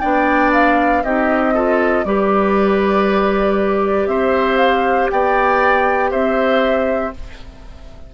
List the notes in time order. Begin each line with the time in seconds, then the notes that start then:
0.00 B3 D4 D5 G5
0.53 F5
1.03 C4 D#4 G4 D#5
1.54 F4 A4
2.04 G3 G4 B4 D5
4.06 C4 C5 E5
4.58 F5
5.11 B3 D5 G5
6.11 C4 C5 E5